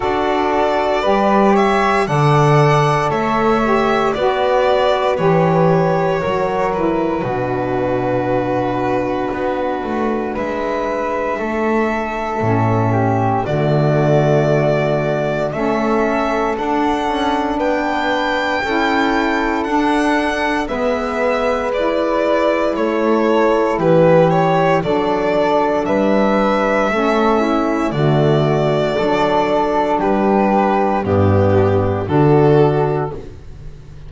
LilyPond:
<<
  \new Staff \with { instrumentName = "violin" } { \time 4/4 \tempo 4 = 58 d''4. e''8 fis''4 e''4 | d''4 cis''4. b'4.~ | b'2 e''2~ | e''4 d''2 e''4 |
fis''4 g''2 fis''4 | e''4 d''4 cis''4 b'8 cis''8 | d''4 e''2 d''4~ | d''4 b'4 g'4 a'4 | }
  \new Staff \with { instrumentName = "flute" } { \time 4/4 a'4 b'8 cis''8 d''4 cis''4 | b'2 ais'4 fis'4~ | fis'2 b'4 a'4~ | a'8 g'8 fis'2 a'4~ |
a'4 b'4 a'2 | b'2 a'4 g'4 | a'4 b'4 a'8 e'8 fis'4 | a'4 g'4 d'4 fis'4 | }
  \new Staff \with { instrumentName = "saxophone" } { \time 4/4 fis'4 g'4 a'4. g'8 | fis'4 g'4 fis'8 e'8 d'4~ | d'1 | cis'4 a2 cis'4 |
d'2 e'4 d'4 | b4 e'2. | d'2 cis'4 a4 | d'2 b4 d'4 | }
  \new Staff \with { instrumentName = "double bass" } { \time 4/4 d'4 g4 d4 a4 | b4 e4 fis4 b,4~ | b,4 b8 a8 gis4 a4 | a,4 d2 a4 |
d'8 cis'8 b4 cis'4 d'4 | gis2 a4 e4 | fis4 g4 a4 d4 | fis4 g4 g,4 d4 | }
>>